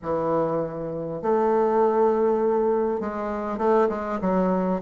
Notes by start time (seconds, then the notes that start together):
0.02 E3
1.22 A3
3.00 G#3
3.58 A3
3.89 G#3
4.21 F#3